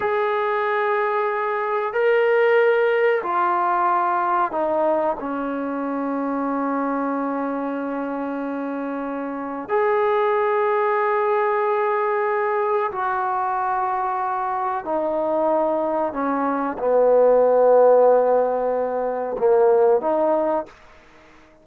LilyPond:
\new Staff \with { instrumentName = "trombone" } { \time 4/4 \tempo 4 = 93 gis'2. ais'4~ | ais'4 f'2 dis'4 | cis'1~ | cis'2. gis'4~ |
gis'1 | fis'2. dis'4~ | dis'4 cis'4 b2~ | b2 ais4 dis'4 | }